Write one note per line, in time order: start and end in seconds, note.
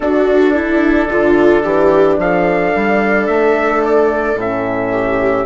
0.00 4.36 D4
0.00 1.08 D4
0.00 0.54 F#4
0.00 2.17 A4
0.54 1.08 E4
1.08 1.63 D3
1.08 1.63 F4
1.63 2.18 E3
1.63 2.17 G4
2.18 2.72 F3
2.18 4.92 A4
2.18 3.27 F5
2.75 3.28 G3
3.27 4.34 A3
3.27 3.81 E5
3.84 4.38 D5
4.34 5.43 A2
4.34 5.45 C#4
4.34 5.45 E5
4.92 5.45 G4